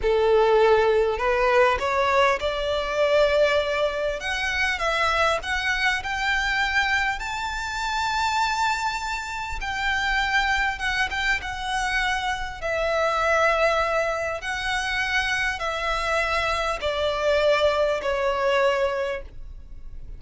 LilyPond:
\new Staff \with { instrumentName = "violin" } { \time 4/4 \tempo 4 = 100 a'2 b'4 cis''4 | d''2. fis''4 | e''4 fis''4 g''2 | a''1 |
g''2 fis''8 g''8 fis''4~ | fis''4 e''2. | fis''2 e''2 | d''2 cis''2 | }